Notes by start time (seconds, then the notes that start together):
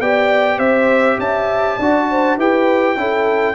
0.00 B3 G4 D5 G5
0.58 C4 C5 E5
1.18 C#4 E5 A5
1.78 D4 F#4 D5
2.10 C5
2.37 E4 G4 B4 G5
2.97 C#4 E4 A4